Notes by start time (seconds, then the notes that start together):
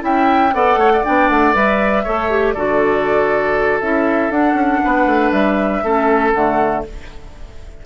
0.00 C#4 E4 E5 G5
0.53 B3 A4 D5 F#5
0.77 A3 C#5
0.93 D5
1.05 B3 D4 G5
1.29 A3 F#5
1.55 G3 B4 E5
2.04 A3 A4 C#5
2.30 G4
2.54 D3 F#4 A4 D5
3.81 C#4 E4 E5
4.30 D4 F#5
4.54 C#4
4.84 B3 B4
5.06 A3
5.32 G3 E5
5.84 A3 C#4 A4
6.33 D3 A3 F#5